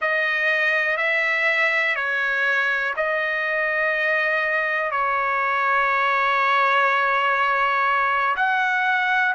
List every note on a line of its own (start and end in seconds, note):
0.01 0.97 D#5
0.97 1.95 E5
1.95 2.93 C#5
2.96 4.91 D#5
4.91 8.35 C#5
8.36 9.34 F#5